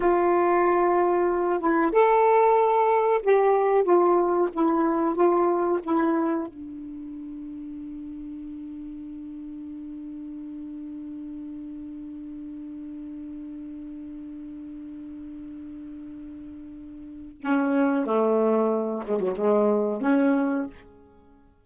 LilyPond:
\new Staff \with { instrumentName = "saxophone" } { \time 4/4 \tempo 4 = 93 f'2~ f'8 e'8 a'4~ | a'4 g'4 f'4 e'4 | f'4 e'4 d'2~ | d'1~ |
d'1~ | d'1~ | d'2. cis'4 | a4. gis16 fis16 gis4 cis'4 | }